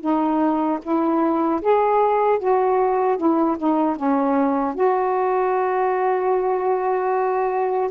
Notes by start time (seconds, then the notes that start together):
0.00 D#4
0.82 E4
1.61 G#4
2.39 F#4
3.17 E4
3.58 D#4
3.96 C#4
4.74 F#4